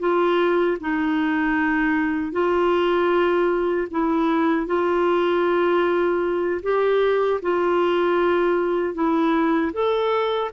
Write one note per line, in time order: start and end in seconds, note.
0.00 0.78 F4
0.81 2.32 D#4
2.32 3.88 F4
3.91 4.67 E4
4.67 6.62 F4
6.63 7.41 G4
7.42 8.95 F4
8.95 9.73 E4
9.73 10.51 A4